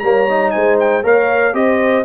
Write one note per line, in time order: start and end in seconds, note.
0.00 0.53 G3
0.00 0.29 A#3
0.00 0.53 C#5
0.00 0.51 A#5
0.29 1.04 D#4
0.51 1.04 G#3
0.51 1.03 C5
0.51 0.76 G#5
0.80 1.05 G5
1.03 1.54 A#3
1.03 1.54 A#4
1.03 1.54 C#5
1.03 1.55 F5
1.54 2.05 C4
1.54 2.05 G4
1.54 2.05 C5
1.54 2.05 D#5